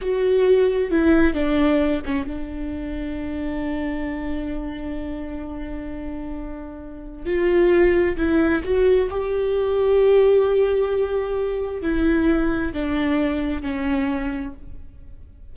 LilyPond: \new Staff \with { instrumentName = "viola" } { \time 4/4 \tempo 4 = 132 fis'2 e'4 d'4~ | d'8 cis'8 d'2.~ | d'1~ | d'1 |
f'2 e'4 fis'4 | g'1~ | g'2 e'2 | d'2 cis'2 | }